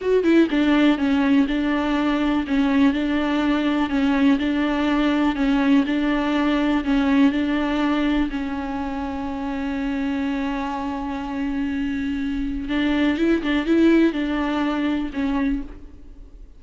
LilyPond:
\new Staff \with { instrumentName = "viola" } { \time 4/4 \tempo 4 = 123 fis'8 e'8 d'4 cis'4 d'4~ | d'4 cis'4 d'2 | cis'4 d'2 cis'4 | d'2 cis'4 d'4~ |
d'4 cis'2.~ | cis'1~ | cis'2 d'4 e'8 d'8 | e'4 d'2 cis'4 | }